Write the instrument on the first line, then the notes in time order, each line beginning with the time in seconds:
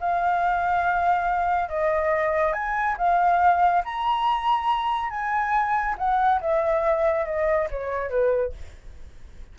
flute
0.00 F5
1.69 D#5
2.53 G#5
2.97 F5
3.84 A#5
5.09 G#5
5.97 F#5
6.41 E5
7.25 D#5
7.70 C#5
8.09 B4